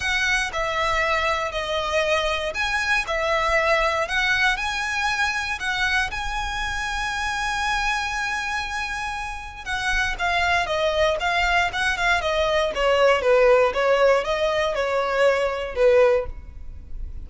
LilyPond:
\new Staff \with { instrumentName = "violin" } { \time 4/4 \tempo 4 = 118 fis''4 e''2 dis''4~ | dis''4 gis''4 e''2 | fis''4 gis''2 fis''4 | gis''1~ |
gis''2. fis''4 | f''4 dis''4 f''4 fis''8 f''8 | dis''4 cis''4 b'4 cis''4 | dis''4 cis''2 b'4 | }